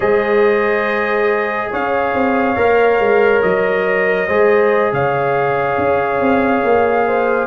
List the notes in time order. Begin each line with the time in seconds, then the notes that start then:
0.00 G#3 G#4 C5 D#5
1.70 C#4 C#5 F5
2.13 C4
2.56 A#3 A#4
2.99 G#3
3.41 F#3 D#5
4.27 G#3 G#4 C5
4.92 C#3 C#5 F5
5.77 C#4
6.20 C4
6.63 A#3
7.07 C5